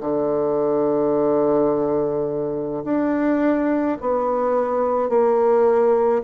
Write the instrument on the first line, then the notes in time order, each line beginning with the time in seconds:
bassoon
0.00 D3
2.84 D4
4.00 B3
5.09 A#3